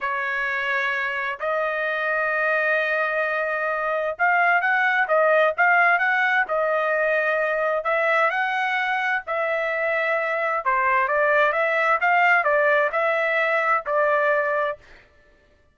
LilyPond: \new Staff \with { instrumentName = "trumpet" } { \time 4/4 \tempo 4 = 130 cis''2. dis''4~ | dis''1~ | dis''4 f''4 fis''4 dis''4 | f''4 fis''4 dis''2~ |
dis''4 e''4 fis''2 | e''2. c''4 | d''4 e''4 f''4 d''4 | e''2 d''2 | }